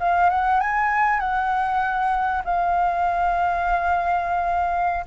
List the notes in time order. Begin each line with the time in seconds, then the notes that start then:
0.00 F5
0.30 F#5
0.60 G#5
1.20 F#5
2.45 F5